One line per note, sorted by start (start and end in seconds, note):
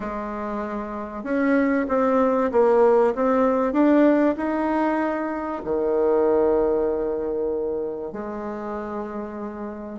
0.00 1.23 G#3
1.23 1.86 C#4
1.88 2.51 C4
2.51 3.14 A#3
3.15 3.72 C4
3.72 4.35 D4
4.36 5.61 D#4
5.64 8.12 D#3
8.12 9.99 G#3